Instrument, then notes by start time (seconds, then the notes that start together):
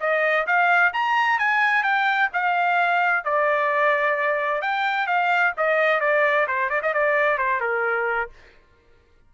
trumpet
0.00 D#5
0.47 F5
0.93 A#5
1.39 G#5
1.83 G5
2.33 F5
3.24 D5
4.62 G5
5.07 F5
5.57 D#5
6.00 D5
6.47 C5
6.70 D5
6.82 D#5
6.94 D5
7.38 C5
7.60 A#4